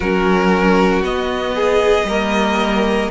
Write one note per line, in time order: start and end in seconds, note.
0.00 1.01 F#3
0.00 1.04 C#4
0.00 1.55 F#4
0.00 1.02 A#4
1.01 2.03 B3
1.01 2.07 B3
1.01 3.10 D#5
1.55 2.06 G#4
2.03 3.07 G3
2.03 3.10 A#3
2.03 3.10 A#4